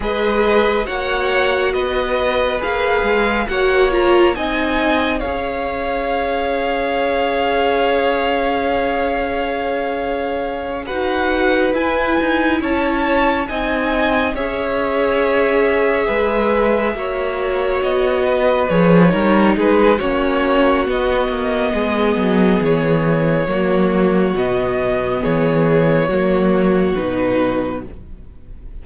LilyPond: <<
  \new Staff \with { instrumentName = "violin" } { \time 4/4 \tempo 4 = 69 dis''4 fis''4 dis''4 f''4 | fis''8 ais''8 gis''4 f''2~ | f''1~ | f''8 fis''4 gis''4 a''4 gis''8~ |
gis''8 e''2.~ e''8~ | e''8 dis''4 cis''4 b'8 cis''4 | dis''2 cis''2 | dis''4 cis''2 b'4 | }
  \new Staff \with { instrumentName = "violin" } { \time 4/4 b'4 cis''4 b'2 | cis''4 dis''4 cis''2~ | cis''1~ | cis''8 b'2 cis''4 dis''8~ |
dis''8 cis''2 b'4 cis''8~ | cis''4 b'4 ais'8 gis'8 fis'4~ | fis'4 gis'2 fis'4~ | fis'4 gis'4 fis'2 | }
  \new Staff \with { instrumentName = "viola" } { \time 4/4 gis'4 fis'2 gis'4 | fis'8 f'8 dis'4 gis'2~ | gis'1~ | gis'8 fis'4 e'2 dis'8~ |
dis'8 gis'2. fis'8~ | fis'4. gis'8 dis'4 cis'4 | b2. ais4 | b2 ais4 dis'4 | }
  \new Staff \with { instrumentName = "cello" } { \time 4/4 gis4 ais4 b4 ais8 gis8 | ais4 c'4 cis'2~ | cis'1~ | cis'8 dis'4 e'8 dis'8 cis'4 c'8~ |
c'8 cis'2 gis4 ais8~ | ais8 b4 f8 g8 gis8 ais4 | b8 ais8 gis8 fis8 e4 fis4 | b,4 e4 fis4 b,4 | }
>>